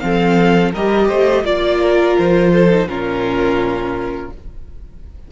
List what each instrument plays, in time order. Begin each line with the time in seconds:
0.00 cello F3, viola C4, violin A4 F5
0.73 cello G3, viola G4, violin A#4 D#5
1.08 cello A3, violin C5
1.44 cello A#3, viola F4, violin D5
1.82 violin A#4
2.19 cello F3, violin C5
2.53 violin A4
2.70 viola D#4
2.85 cello A#2, viola C#4, violin F4 A#4